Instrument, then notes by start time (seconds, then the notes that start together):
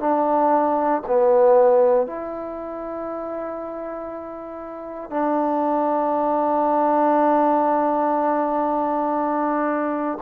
trombone
0.00 D4
1.07 B3
2.07 E4
5.10 D4